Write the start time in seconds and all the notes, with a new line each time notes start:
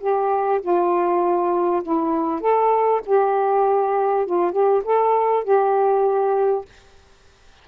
0.00 G4
0.61 F4
1.83 E4
2.40 A4
3.06 G4
4.26 F4
4.52 G4
4.84 A4
5.44 G4